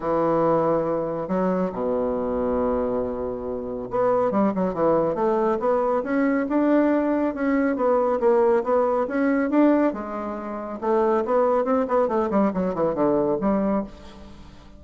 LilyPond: \new Staff \with { instrumentName = "bassoon" } { \time 4/4 \tempo 4 = 139 e2. fis4 | b,1~ | b,4 b4 g8 fis8 e4 | a4 b4 cis'4 d'4~ |
d'4 cis'4 b4 ais4 | b4 cis'4 d'4 gis4~ | gis4 a4 b4 c'8 b8 | a8 g8 fis8 e8 d4 g4 | }